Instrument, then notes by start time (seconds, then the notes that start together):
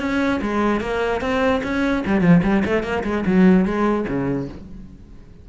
cello
0.00 C#4
0.42 G#3
0.81 A#3
1.21 C4
1.64 C#4
2.06 G3
2.21 F3
2.43 G3
2.66 A3
2.83 A#3
3.04 G#3
3.27 F#3
3.66 G#3
4.08 C#3